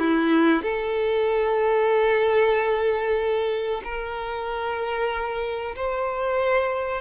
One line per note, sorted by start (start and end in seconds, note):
0.00 0.63 E4
0.63 3.82 A4
3.84 5.76 A#4
5.76 7.02 C5